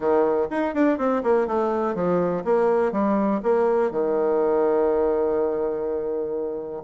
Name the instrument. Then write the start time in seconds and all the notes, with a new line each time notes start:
bassoon
0.00 D#3
0.50 D#4
0.74 D4
0.98 C4
1.23 A#3
1.47 A3
1.94 F3
2.44 A#3
2.92 G3
3.42 A#3
3.90 D#3